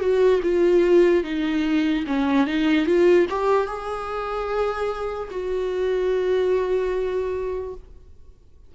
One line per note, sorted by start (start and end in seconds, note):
0.00 0.41 F#4
0.43 1.23 F4
1.23 2.05 D#4
2.07 2.47 C#4
2.47 2.86 D#4
2.86 3.27 F4
3.29 3.67 G4
3.67 5.29 G#4
5.31 7.74 F#4